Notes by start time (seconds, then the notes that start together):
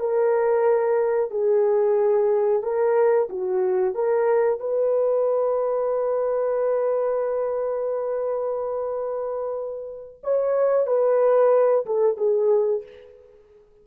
0.00 A#4
1.31 G#4
2.63 A#4
3.29 F#4
3.95 A#4
4.60 B4
10.23 C#5
10.87 B4
11.86 A4
12.17 G#4